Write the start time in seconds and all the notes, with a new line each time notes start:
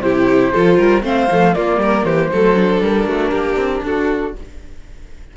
0.00 C3 E4 G4 C5
0.54 F3 F4 A4
0.77 G3 A#4
1.03 A3 C4 C5 F5
1.32 F3 A3
1.54 A#3 F4 D5
1.77 G3 A#4
2.05 E3 G4 C5
2.32 F#3 A3 A4
2.55 D4
2.81 G3 A#4
3.06 A3 F#4
3.31 A#3 G4
3.56 C4
3.83 D4 F#4 A4